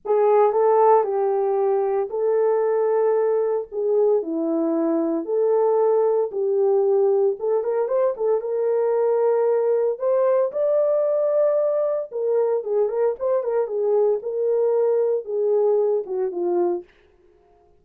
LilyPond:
\new Staff \with { instrumentName = "horn" } { \time 4/4 \tempo 4 = 114 gis'4 a'4 g'2 | a'2. gis'4 | e'2 a'2 | g'2 a'8 ais'8 c''8 a'8 |
ais'2. c''4 | d''2. ais'4 | gis'8 ais'8 c''8 ais'8 gis'4 ais'4~ | ais'4 gis'4. fis'8 f'4 | }